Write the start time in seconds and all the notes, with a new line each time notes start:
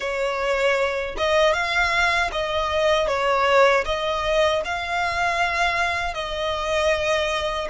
0.00 C#5
1.17 D#5
1.53 F5
2.31 D#5
3.07 C#5
3.85 D#5
4.65 F5
6.14 D#5